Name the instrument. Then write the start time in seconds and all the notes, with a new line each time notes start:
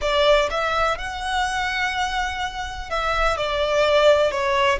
violin
0.01 D5
0.50 E5
0.98 F#5
2.90 E5
3.37 D5
4.31 C#5